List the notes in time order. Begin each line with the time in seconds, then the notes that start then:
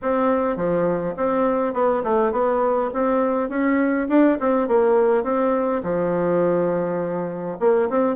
0.02 C4
0.56 F3
1.17 C4
1.73 B3
2.03 A3
2.32 B3
2.93 C4
3.49 C#4
4.09 D4
4.40 C4
4.68 A#3
5.23 C4
5.83 F3
7.59 A#3
7.89 C4